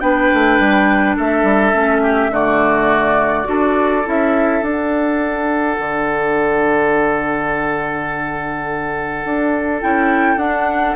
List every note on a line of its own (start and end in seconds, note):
0.00 0.30 B3
0.00 1.74 D4
0.00 1.17 B4
0.00 1.15 G5
0.34 0.59 A3
0.59 1.17 G3
1.17 1.44 A3
1.17 2.02 A4
1.17 2.35 E5
1.44 1.73 G3
1.74 2.30 A3
1.74 2.31 C#4
2.02 2.31 G4
2.30 3.45 D3
2.30 3.45 A3
2.30 3.48 F#4
2.30 4.08 D5
3.45 4.06 D4
3.45 4.03 F#4
3.45 10.96 A4
4.06 4.62 C#4
4.06 4.63 E4
4.06 4.64 E5
4.62 5.78 D4
4.62 9.82 D4
4.62 9.82 F#5
5.79 9.25 D3
9.25 9.83 D4
9.82 10.37 C#4
9.82 10.38 E4
9.82 10.38 G5
10.37 10.94 D4
10.37 10.96 D4
10.37 10.96 F#5